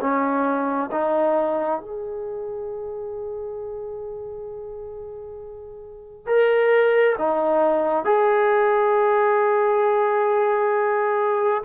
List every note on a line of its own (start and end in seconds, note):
0.00 0.90 C#4
0.91 1.80 D#4
1.80 6.26 G#4
6.26 7.16 A#4
7.18 8.04 D#4
8.04 11.63 G#4